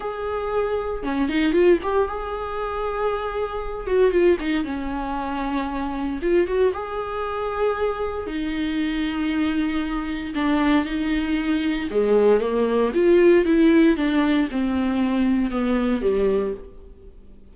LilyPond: \new Staff \with { instrumentName = "viola" } { \time 4/4 \tempo 4 = 116 gis'2 cis'8 dis'8 f'8 g'8 | gis'2.~ gis'8 fis'8 | f'8 dis'8 cis'2. | f'8 fis'8 gis'2. |
dis'1 | d'4 dis'2 gis4 | ais4 f'4 e'4 d'4 | c'2 b4 g4 | }